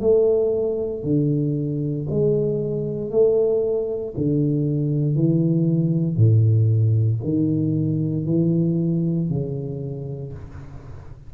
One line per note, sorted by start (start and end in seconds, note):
0.00 1.03 A3
1.03 2.06 D3
2.10 3.10 G#3
3.10 4.14 A3
4.17 5.15 D3
5.15 6.16 E3
6.16 7.20 A2
7.23 8.26 D#3
8.26 9.29 E3
9.29 10.33 C#3